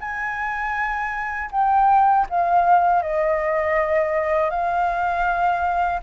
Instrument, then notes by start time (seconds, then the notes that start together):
flute
0.00 G#5
1.51 G5
2.29 F5
3.02 D#5
4.50 F5